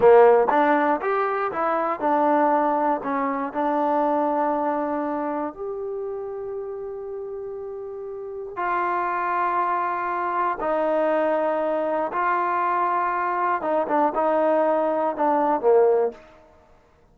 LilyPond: \new Staff \with { instrumentName = "trombone" } { \time 4/4 \tempo 4 = 119 ais4 d'4 g'4 e'4 | d'2 cis'4 d'4~ | d'2. g'4~ | g'1~ |
g'4 f'2.~ | f'4 dis'2. | f'2. dis'8 d'8 | dis'2 d'4 ais4 | }